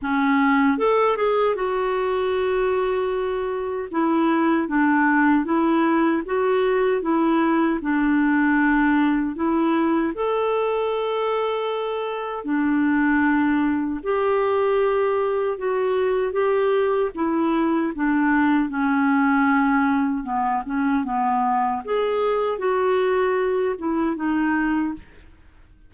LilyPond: \new Staff \with { instrumentName = "clarinet" } { \time 4/4 \tempo 4 = 77 cis'4 a'8 gis'8 fis'2~ | fis'4 e'4 d'4 e'4 | fis'4 e'4 d'2 | e'4 a'2. |
d'2 g'2 | fis'4 g'4 e'4 d'4 | cis'2 b8 cis'8 b4 | gis'4 fis'4. e'8 dis'4 | }